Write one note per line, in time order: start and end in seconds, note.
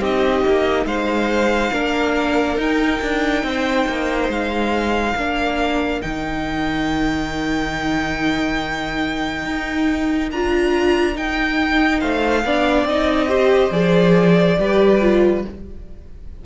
0.00 0.43 C4
0.00 1.73 D#4
0.00 0.86 G4
0.00 0.87 D#5
0.47 0.86 A#3
0.86 1.71 G#3
0.86 1.73 C5
0.86 2.58 F5
1.73 2.57 A#3
1.73 2.58 D4
1.73 3.44 A#4
2.57 3.00 D#4
2.57 5.15 D#4
2.57 4.31 G5
3.02 3.43 D4
3.43 3.86 C4
3.43 5.16 C5
3.88 4.29 A#3
4.29 5.14 G#3
4.29 6.02 F5
5.16 6.02 A#3
5.16 6.01 D4
5.16 12.00 A#4
6.01 9.46 D#3
6.01 10.30 D#4
6.01 10.30 G5
9.46 10.31 D#4
10.32 11.17 D4
10.32 11.14 F4
10.32 11.17 A#5
11.14 12.43 D#4
11.14 12.02 D#4
11.14 12.00 G5
12.00 12.44 A3
12.00 12.43 C5
12.00 12.86 F5
12.44 12.84 B3
12.44 12.88 D4
12.44 13.29 D5
12.84 13.70 C4
12.84 13.28 D#4
12.84 13.72 D#5
13.28 13.71 G4
13.28 14.57 C5
13.71 14.57 F3
13.71 14.57 G#4
13.71 15.44 D5
14.59 15.45 G3
14.59 15.01 G4
14.59 15.46 B4
15.01 15.44 F4